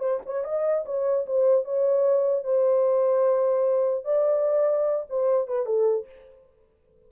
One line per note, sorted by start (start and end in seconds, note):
0.00 0.20 C5
0.26 0.44 C#5
0.44 0.85 D#5
0.86 1.26 C#5
1.27 1.65 C5
1.65 2.44 C#5
2.44 4.05 C5
4.05 5.06 D5
5.10 5.48 C5
5.48 5.66 B4
5.66 6.06 A4